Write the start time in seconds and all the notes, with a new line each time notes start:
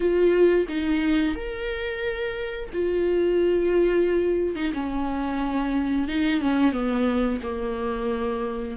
0.00 F4
0.68 D#4
1.35 A#4
2.72 F4
4.55 D#4
4.73 C#4
6.08 D#4
6.41 C#4
6.72 B3
7.42 A#3